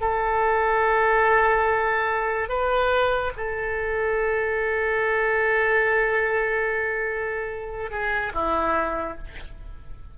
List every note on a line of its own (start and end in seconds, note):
0.00 2.48 A4
2.48 3.31 B4
3.36 7.91 A4
7.91 8.32 G#4
8.34 9.17 E4